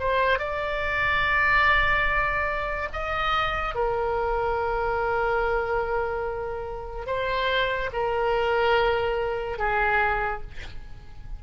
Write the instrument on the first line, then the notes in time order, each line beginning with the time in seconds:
oboe
0.00 C5
0.39 D5
2.93 D#5
3.75 A#4
7.07 C5
7.93 A#4
9.58 G#4